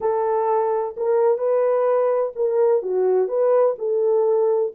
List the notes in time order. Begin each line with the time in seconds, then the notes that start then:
0.01 A4
0.96 A#4
1.38 B4
2.35 A#4
2.82 F#4
3.28 B4
3.78 A4